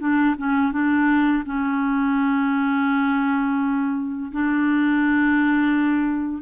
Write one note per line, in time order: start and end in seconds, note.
0.00 0.36 D4
0.38 0.72 C#4
0.72 1.44 D4
1.46 4.31 C#4
4.32 6.42 D4